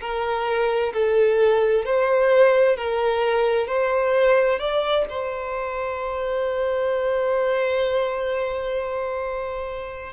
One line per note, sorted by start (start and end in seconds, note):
0.00 0.92 A#4
0.93 1.85 A4
1.85 2.77 C5
2.77 3.67 A#4
3.67 4.59 C5
4.59 5.05 D5
5.09 10.12 C5